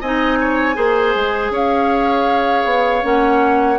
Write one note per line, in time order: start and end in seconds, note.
0.00 0.76 C4
0.00 0.74 D#4
0.00 0.38 D#5
0.00 1.53 G#5
0.41 0.75 C#5
0.74 1.14 A#3
0.74 3.02 G#4
0.74 1.51 C5
1.15 1.50 G#3
1.50 2.64 C#4
1.50 3.79 C#5
1.50 3.04 F5
2.64 3.02 B3
3.02 3.79 A#3
3.02 3.78 C#4
3.02 3.79 F#5